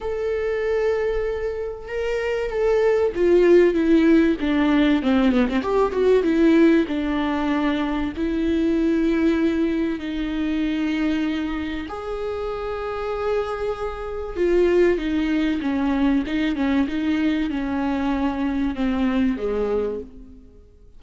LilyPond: \new Staff \with { instrumentName = "viola" } { \time 4/4 \tempo 4 = 96 a'2. ais'4 | a'4 f'4 e'4 d'4 | c'8 b16 c'16 g'8 fis'8 e'4 d'4~ | d'4 e'2. |
dis'2. gis'4~ | gis'2. f'4 | dis'4 cis'4 dis'8 cis'8 dis'4 | cis'2 c'4 gis4 | }